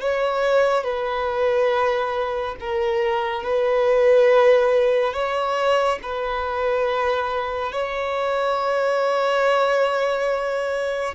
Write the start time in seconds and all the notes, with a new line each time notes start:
0.00 C#5
0.83 B4
2.60 A#4
3.43 B4
5.13 C#5
6.02 B4
7.72 C#5